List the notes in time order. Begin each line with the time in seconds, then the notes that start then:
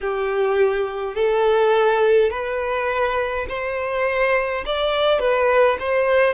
0.00 G4
1.15 A4
2.30 B4
3.49 C5
4.65 D5
5.19 B4
5.80 C5